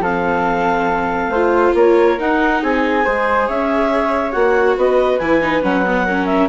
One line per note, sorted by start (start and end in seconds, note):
0.00 1.28 F3
0.00 1.32 C4
0.00 1.31 A4
0.00 1.76 F5
1.28 1.71 A3
1.28 1.74 C5
1.35 2.19 F4
1.74 2.18 A#3
1.74 2.62 A#4
1.74 2.21 C#5
2.19 3.05 D#4
2.19 2.62 D#4
2.19 2.64 F#5
2.62 3.06 C4
2.62 3.05 G#4
2.62 3.49 G#5
3.05 3.49 G#3
3.05 4.33 G#4
3.05 3.47 C5
3.47 4.35 C#4
3.47 4.77 C#5
3.47 4.32 E5
4.32 4.77 A#3
4.32 5.19 F#4
4.32 4.75 F#5
4.77 5.20 B3
4.77 6.06 B4
4.77 5.19 D#5
5.19 5.63 E3
5.19 5.42 E4
5.19 5.62 G#5
5.42 5.62 D#4
5.62 6.50 F#3
5.62 5.84 C#4
5.62 6.26 F#5
5.86 6.08 B3
6.06 6.50 C#4
6.06 6.49 A#4
6.26 6.48 E5